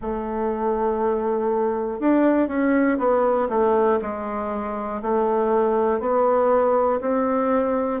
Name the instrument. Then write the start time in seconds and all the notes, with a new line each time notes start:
bassoon
0.01 A3
2.00 D4
2.48 C#4
2.98 B3
3.49 A3
4.01 G#3
5.02 A3
6.00 B3
7.00 C4